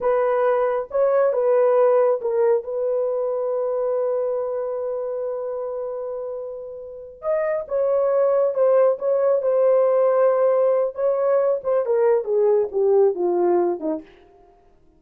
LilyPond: \new Staff \with { instrumentName = "horn" } { \time 4/4 \tempo 4 = 137 b'2 cis''4 b'4~ | b'4 ais'4 b'2~ | b'1~ | b'1~ |
b'8 dis''4 cis''2 c''8~ | c''8 cis''4 c''2~ c''8~ | c''4 cis''4. c''8 ais'4 | gis'4 g'4 f'4. dis'8 | }